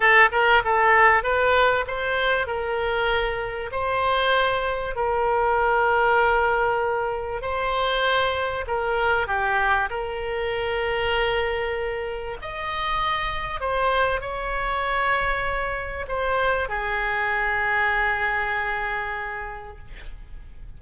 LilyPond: \new Staff \with { instrumentName = "oboe" } { \time 4/4 \tempo 4 = 97 a'8 ais'8 a'4 b'4 c''4 | ais'2 c''2 | ais'1 | c''2 ais'4 g'4 |
ais'1 | dis''2 c''4 cis''4~ | cis''2 c''4 gis'4~ | gis'1 | }